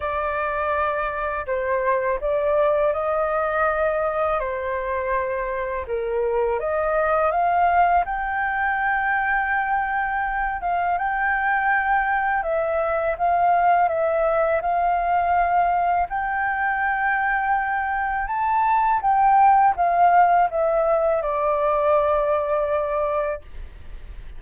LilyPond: \new Staff \with { instrumentName = "flute" } { \time 4/4 \tempo 4 = 82 d''2 c''4 d''4 | dis''2 c''2 | ais'4 dis''4 f''4 g''4~ | g''2~ g''8 f''8 g''4~ |
g''4 e''4 f''4 e''4 | f''2 g''2~ | g''4 a''4 g''4 f''4 | e''4 d''2. | }